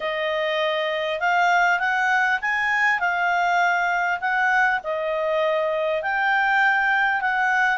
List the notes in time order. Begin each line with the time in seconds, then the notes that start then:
0.00 D#5
1.20 F5
1.79 F#5
2.41 G#5
2.99 F5
4.20 F#5
4.83 D#5
6.02 G5
7.21 F#5